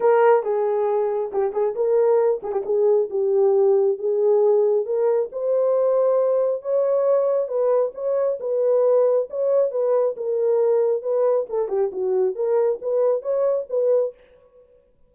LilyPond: \new Staff \with { instrumentName = "horn" } { \time 4/4 \tempo 4 = 136 ais'4 gis'2 g'8 gis'8 | ais'4. gis'16 g'16 gis'4 g'4~ | g'4 gis'2 ais'4 | c''2. cis''4~ |
cis''4 b'4 cis''4 b'4~ | b'4 cis''4 b'4 ais'4~ | ais'4 b'4 a'8 g'8 fis'4 | ais'4 b'4 cis''4 b'4 | }